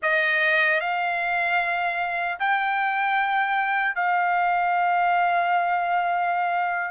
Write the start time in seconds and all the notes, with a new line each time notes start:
0.02 D#5
0.80 F5
2.39 G5
3.95 F5